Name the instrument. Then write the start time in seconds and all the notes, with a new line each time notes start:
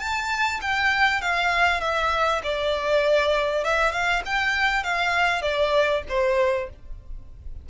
violin
0.00 A5
0.62 G5
1.22 F5
1.81 E5
2.44 D5
3.65 E5
3.92 F5
4.26 G5
4.84 F5
5.42 D5
6.09 C5